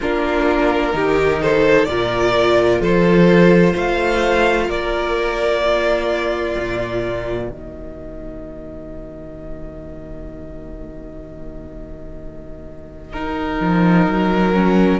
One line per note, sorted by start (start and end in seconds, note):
0.00 0.93 A#3
0.00 0.92 D4
0.00 0.94 F4
0.00 1.42 A#4
0.92 1.87 D#3
0.92 1.86 D#4
0.92 1.41 G4
1.42 1.88 A4
1.42 1.84 C5
1.84 2.80 A#2
1.84 5.61 F4
1.84 2.81 A#4
1.84 2.78 D5
2.80 3.74 F3
2.80 3.72 A4
2.80 3.76 C5
3.72 4.68 A3
3.72 4.66 C5
3.72 4.70 F5
4.68 6.55 A#3
4.68 5.61 A#4
4.68 7.50 D5
5.61 13.11 A#3
5.61 7.48 F4
6.57 7.49 A#2
7.48 13.59 D#3
7.48 14.98 F#4
7.48 13.12 D#5
13.12 14.53 D#4
13.12 14.99 A#4
13.60 14.06 F3
14.06 14.99 F#3
14.53 14.99 C#4